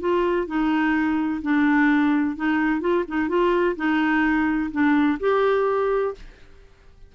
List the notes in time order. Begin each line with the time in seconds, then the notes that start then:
0.00 F4
0.47 D#4
1.43 D4
2.37 D#4
2.81 F4
3.08 D#4
3.29 F4
3.76 D#4
4.72 D4
5.20 G4